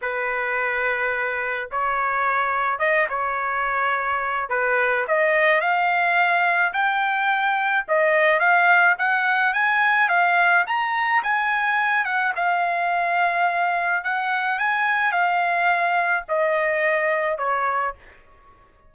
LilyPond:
\new Staff \with { instrumentName = "trumpet" } { \time 4/4 \tempo 4 = 107 b'2. cis''4~ | cis''4 dis''8 cis''2~ cis''8 | b'4 dis''4 f''2 | g''2 dis''4 f''4 |
fis''4 gis''4 f''4 ais''4 | gis''4. fis''8 f''2~ | f''4 fis''4 gis''4 f''4~ | f''4 dis''2 cis''4 | }